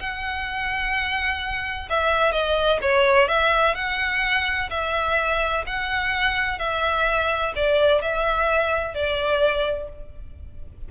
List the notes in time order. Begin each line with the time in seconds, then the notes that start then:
0.00 F#5
1.90 E5
2.32 D#5
2.82 C#5
3.28 E5
3.75 F#5
4.70 E5
5.66 F#5
6.59 E5
7.56 D5
8.02 E5
8.94 D5